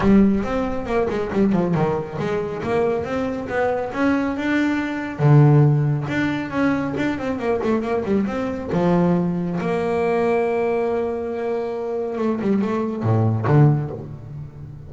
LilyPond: \new Staff \with { instrumentName = "double bass" } { \time 4/4 \tempo 4 = 138 g4 c'4 ais8 gis8 g8 f8 | dis4 gis4 ais4 c'4 | b4 cis'4 d'2 | d2 d'4 cis'4 |
d'8 c'8 ais8 a8 ais8 g8 c'4 | f2 ais2~ | ais1 | a8 g8 a4 a,4 d4 | }